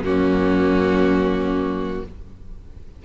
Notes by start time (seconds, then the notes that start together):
0.00 F#2 A#3 C#4 F#4